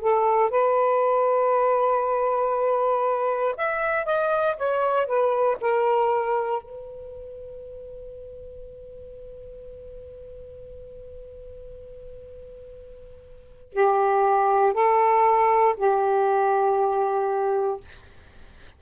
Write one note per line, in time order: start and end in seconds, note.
0.00 0.50 A4
0.50 3.55 B4
3.56 4.05 E5
4.05 4.56 D#5
4.57 5.06 C#5
5.06 5.57 B4
5.61 6.62 A#4
6.62 13.72 B4
13.72 14.73 G4
14.73 15.74 A4
15.76 17.80 G4